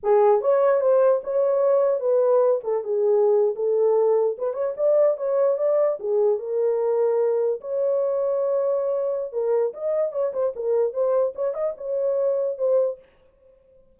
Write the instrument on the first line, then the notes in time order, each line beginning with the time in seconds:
horn
0.03 G#4
0.41 C#5
0.80 C5
1.23 C#5
2.00 B4
2.63 A4
2.84 G#4
3.55 A4
4.38 B4
4.53 C#5
4.76 D5
5.17 C#5
5.57 D5
5.99 G#4
6.38 A#4
7.61 C#5
9.32 A#4
9.73 D#5
10.12 C#5
10.33 C5
10.55 A#4
10.93 C5
11.35 C#5
11.53 D#5
11.77 C#5
12.58 C5